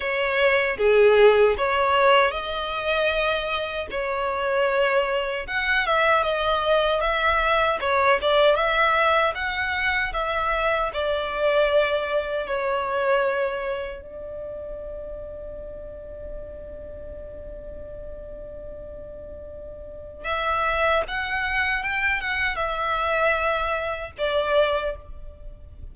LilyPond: \new Staff \with { instrumentName = "violin" } { \time 4/4 \tempo 4 = 77 cis''4 gis'4 cis''4 dis''4~ | dis''4 cis''2 fis''8 e''8 | dis''4 e''4 cis''8 d''8 e''4 | fis''4 e''4 d''2 |
cis''2 d''2~ | d''1~ | d''2 e''4 fis''4 | g''8 fis''8 e''2 d''4 | }